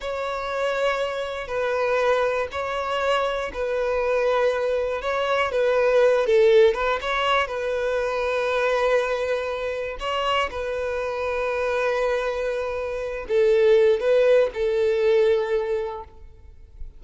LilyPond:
\new Staff \with { instrumentName = "violin" } { \time 4/4 \tempo 4 = 120 cis''2. b'4~ | b'4 cis''2 b'4~ | b'2 cis''4 b'4~ | b'8 a'4 b'8 cis''4 b'4~ |
b'1 | cis''4 b'2.~ | b'2~ b'8 a'4. | b'4 a'2. | }